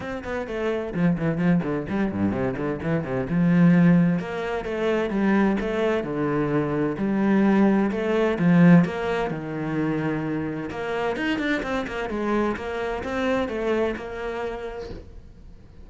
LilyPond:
\new Staff \with { instrumentName = "cello" } { \time 4/4 \tempo 4 = 129 c'8 b8 a4 f8 e8 f8 d8 | g8 g,8 c8 d8 e8 c8 f4~ | f4 ais4 a4 g4 | a4 d2 g4~ |
g4 a4 f4 ais4 | dis2. ais4 | dis'8 d'8 c'8 ais8 gis4 ais4 | c'4 a4 ais2 | }